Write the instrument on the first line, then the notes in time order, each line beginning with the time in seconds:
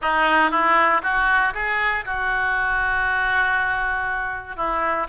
oboe
0.01 D#4
0.50 E4
1.02 F#4
1.53 G#4
2.05 F#4
4.56 E4